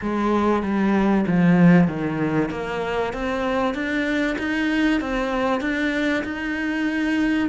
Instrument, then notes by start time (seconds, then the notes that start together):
cello
0.01 G#3
0.62 G3
1.27 F3
1.87 D#3
2.51 A#3
3.12 C4
3.74 D4
4.38 D#4
5.01 C4
5.61 D4
6.24 D#4